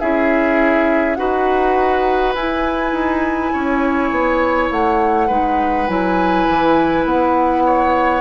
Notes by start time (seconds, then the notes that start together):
0.00 C#4 E4 G#4 E5
1.16 D#4 F#4 B4 F#5
2.35 E4 G#5
2.93 D#4
3.53 C#4 C#5
4.11 B3
4.72 A3 F#5
5.28 G#3 D#4 B4
5.88 F#3 E4 G#5
6.49 E3
7.05 B3 F#5
7.66 C#5